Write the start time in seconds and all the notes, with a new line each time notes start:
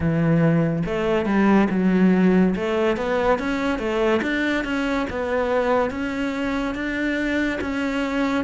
0.00 E3
0.85 A3
1.25 G3
1.70 F#3
2.55 A3
2.97 B3
3.38 C#4
3.78 A3
4.22 D4
4.64 C#4
5.09 B3
5.90 C#4
6.75 D4
7.61 C#4